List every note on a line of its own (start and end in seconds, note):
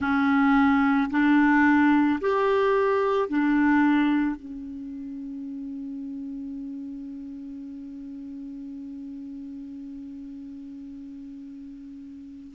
0.00 1.10 C#4
1.10 2.19 D4
2.21 3.28 G4
3.28 4.36 D4
4.36 12.54 C#4